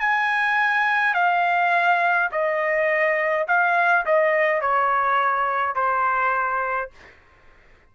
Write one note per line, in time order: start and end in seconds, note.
0.00 1.14 G#5
1.14 2.30 F5
2.31 3.47 D#5
3.48 4.05 F5
4.06 4.62 D#5
4.62 5.75 C#5
5.75 6.91 C5